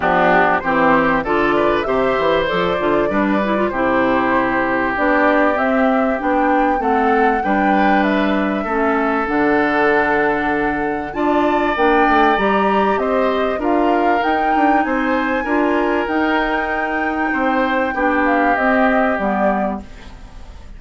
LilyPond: <<
  \new Staff \with { instrumentName = "flute" } { \time 4/4 \tempo 4 = 97 g'4 c''4 d''4 e''4 | d''2 c''2 | d''4 e''4 g''4 fis''4 | g''4 e''2 fis''4~ |
fis''2 a''4 g''4 | ais''4 dis''4 f''4 g''4 | gis''2 g''2~ | g''4. f''8 dis''4 d''4 | }
  \new Staff \with { instrumentName = "oboe" } { \time 4/4 d'4 g'4 a'8 b'8 c''4~ | c''4 b'4 g'2~ | g'2. a'4 | b'2 a'2~ |
a'2 d''2~ | d''4 c''4 ais'2 | c''4 ais'2. | c''4 g'2. | }
  \new Staff \with { instrumentName = "clarinet" } { \time 4/4 b4 c'4 f'4 g'4 | a'8 f'8 d'8 e'16 f'16 e'2 | d'4 c'4 d'4 c'4 | d'2 cis'4 d'4~ |
d'2 f'4 d'4 | g'2 f'4 dis'4~ | dis'4 f'4 dis'2~ | dis'4 d'4 c'4 b4 | }
  \new Staff \with { instrumentName = "bassoon" } { \time 4/4 f4 e4 d4 c8 e8 | f8 d8 g4 c2 | b4 c'4 b4 a4 | g2 a4 d4~ |
d2 d'4 ais8 a8 | g4 c'4 d'4 dis'8 d'8 | c'4 d'4 dis'2 | c'4 b4 c'4 g4 | }
>>